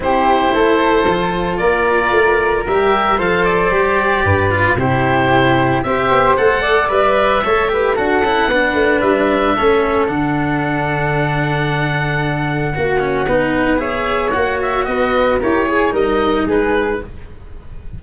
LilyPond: <<
  \new Staff \with { instrumentName = "oboe" } { \time 4/4 \tempo 4 = 113 c''2. d''4~ | d''4 e''4 f''8 d''4.~ | d''4 c''2 e''4 | fis''4 e''2 fis''4~ |
fis''4 e''2 fis''4~ | fis''1~ | fis''2 e''4 fis''8 e''8 | dis''4 cis''4 dis''4 b'4 | }
  \new Staff \with { instrumentName = "flute" } { \time 4/4 g'4 a'2 ais'4~ | ais'2 c''2 | b'4 g'2 c''4~ | c''8 d''4. cis''8 b'8 a'4 |
b'2 a'2~ | a'1 | fis'4 b'4 cis''2 | b'4 ais'8 gis'8 ais'4 gis'4 | }
  \new Staff \with { instrumentName = "cello" } { \time 4/4 e'2 f'2~ | f'4 g'4 a'4 g'4~ | g'8 f'8 e'2 g'4 | a'4 b'4 a'8 g'8 fis'8 e'8 |
d'2 cis'4 d'4~ | d'1 | fis'8 cis'8 dis'4 gis'4 fis'4~ | fis'4 g'8 gis'8 dis'2 | }
  \new Staff \with { instrumentName = "tuba" } { \time 4/4 c'4 a4 f4 ais4 | a4 g4 f4 g4 | g,4 c2 c'8 b8 | a4 g4 a4 d'8 cis'8 |
b8 a8 g4 a4 d4~ | d1 | ais4 b2 ais4 | b4 e'4 g4 gis4 | }
>>